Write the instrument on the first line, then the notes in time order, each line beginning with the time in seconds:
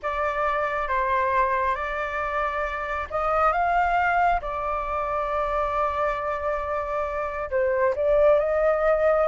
flute
0.02 D5
0.88 C5
1.75 D5
3.10 D#5
3.52 F5
4.41 D5
7.50 C5
7.95 D5
8.39 D#5